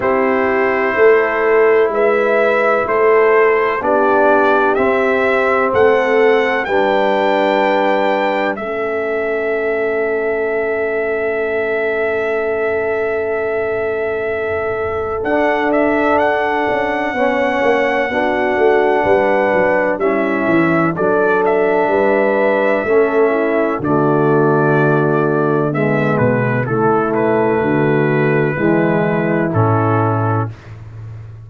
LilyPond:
<<
  \new Staff \with { instrumentName = "trumpet" } { \time 4/4 \tempo 4 = 63 c''2 e''4 c''4 | d''4 e''4 fis''4 g''4~ | g''4 e''2.~ | e''1 |
fis''8 e''8 fis''2.~ | fis''4 e''4 d''8 e''4.~ | e''4 d''2 e''8 b'8 | a'8 b'2~ b'8 a'4 | }
  \new Staff \with { instrumentName = "horn" } { \time 4/4 g'4 a'4 b'4 a'4 | g'2 a'4 b'4~ | b'4 a'2.~ | a'1~ |
a'2 cis''4 fis'4 | b'4 e'4 a'4 b'4 | a'8 e'8 fis'2 b4 | e'4 fis'4 e'2 | }
  \new Staff \with { instrumentName = "trombone" } { \time 4/4 e'1 | d'4 c'2 d'4~ | d'4 cis'2.~ | cis'1 |
d'2 cis'4 d'4~ | d'4 cis'4 d'2 | cis'4 a2 gis4 | a2 gis4 cis'4 | }
  \new Staff \with { instrumentName = "tuba" } { \time 4/4 c'4 a4 gis4 a4 | b4 c'4 a4 g4~ | g4 a2.~ | a1 |
d'4. cis'8 b8 ais8 b8 a8 | g8 fis8 g8 e8 fis4 g4 | a4 d2~ d8 b,8 | cis4 d4 e4 a,4 | }
>>